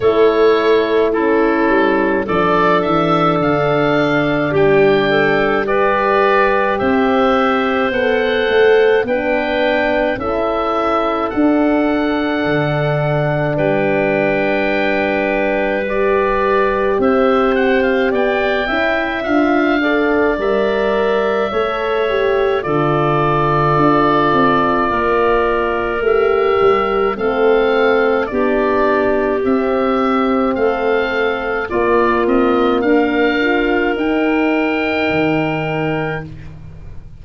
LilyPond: <<
  \new Staff \with { instrumentName = "oboe" } { \time 4/4 \tempo 4 = 53 cis''4 a'4 d''8 e''8 f''4 | g''4 d''4 e''4 fis''4 | g''4 e''4 fis''2 | g''2 d''4 e''8 fis''16 f''16 |
g''4 f''4 e''2 | d''2. e''4 | f''4 d''4 e''4 f''4 | d''8 dis''8 f''4 g''2 | }
  \new Staff \with { instrumentName = "clarinet" } { \time 4/4 a'4 e'4 a'2 | g'8 a'8 b'4 c''2 | b'4 a'2. | b'2. c''4 |
d''8 e''4 d''4. cis''4 | a'2 ais'2 | a'4 g'2 a'4 | f'4 ais'2. | }
  \new Staff \with { instrumentName = "horn" } { \time 4/4 e'4 cis'4 d'2~ | d'4 g'2 a'4 | d'4 e'4 d'2~ | d'2 g'2~ |
g'8 e'8 f'8 a'8 ais'4 a'8 g'8 | f'2. g'4 | c'4 d'4 c'2 | ais4. f'8 dis'2 | }
  \new Staff \with { instrumentName = "tuba" } { \time 4/4 a4. g8 f8 e8 d4 | g2 c'4 b8 a8 | b4 cis'4 d'4 d4 | g2. c'4 |
b8 cis'8 d'4 g4 a4 | d4 d'8 c'8 ais4 a8 g8 | a4 b4 c'4 a4 | ais8 c'8 d'4 dis'4 dis4 | }
>>